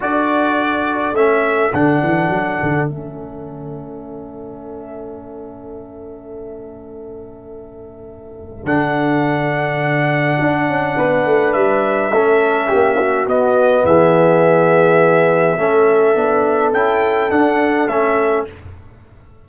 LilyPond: <<
  \new Staff \with { instrumentName = "trumpet" } { \time 4/4 \tempo 4 = 104 d''2 e''4 fis''4~ | fis''4 e''2.~ | e''1~ | e''2. fis''4~ |
fis''1 | e''2. dis''4 | e''1~ | e''4 g''4 fis''4 e''4 | }
  \new Staff \with { instrumentName = "horn" } { \time 4/4 a'1~ | a'1~ | a'1~ | a'1~ |
a'2. b'4~ | b'4 a'4 g'8 fis'4. | gis'2. a'4~ | a'1 | }
  \new Staff \with { instrumentName = "trombone" } { \time 4/4 fis'2 cis'4 d'4~ | d'4 cis'2.~ | cis'1~ | cis'2. d'4~ |
d'1~ | d'4 cis'2 b4~ | b2. cis'4 | d'4 e'4 d'4 cis'4 | }
  \new Staff \with { instrumentName = "tuba" } { \time 4/4 d'2 a4 d8 e8 | fis8 d8 a2.~ | a1~ | a2. d4~ |
d2 d'8 cis'8 b8 a8 | g4 a4 ais4 b4 | e2. a4 | b4 cis'4 d'4 a4 | }
>>